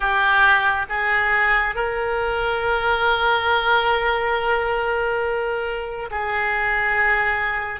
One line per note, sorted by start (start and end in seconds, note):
0.00 0.86 G4
0.89 1.75 G#4
1.75 6.10 A#4
6.10 7.80 G#4